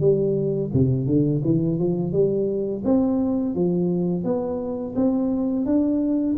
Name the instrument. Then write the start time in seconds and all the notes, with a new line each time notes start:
tuba
0.00 G3
0.73 C3
1.06 D3
1.44 E3
1.79 F3
2.12 G3
2.85 C4
3.55 F3
4.24 B3
4.96 C4
5.66 D4